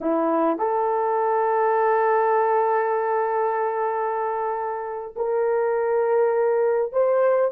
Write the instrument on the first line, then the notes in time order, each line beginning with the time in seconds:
horn
0.01 E4
0.58 A4
5.16 A#4
6.92 C5